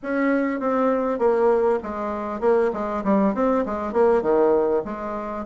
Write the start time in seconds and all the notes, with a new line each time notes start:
0.02 C#4
0.60 C4
1.18 A#3
1.82 G#3
2.40 A#3
2.73 G#3
3.04 G3
3.34 C4
3.65 G#3
3.93 A#3
4.22 D#3
4.85 G#3